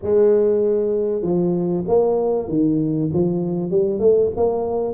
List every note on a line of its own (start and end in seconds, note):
0.02 1.22 G#3
1.22 1.84 F3
1.87 2.48 A#3
2.48 3.10 D#3
3.13 3.70 F3
3.70 3.99 G3
3.99 4.30 A3
4.36 4.93 A#3